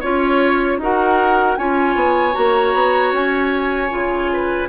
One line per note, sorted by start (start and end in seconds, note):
0.00 0.78 C#4
0.00 0.81 F4
0.00 0.78 C#5
0.00 0.80 C#5
0.78 1.56 D#4
0.78 1.59 F#4
0.78 1.59 A#4
0.78 1.57 F#5
1.57 1.95 C#4
1.57 2.33 F4
1.57 4.31 C#5
1.57 2.35 G#5
1.95 2.34 B3
2.33 2.74 A#3
2.33 3.88 F#4
2.33 3.13 A#5
2.74 3.12 B3
3.12 3.90 C#4
3.12 4.69 G#5
3.90 4.69 C#3
3.90 4.68 F4
4.33 4.69 B4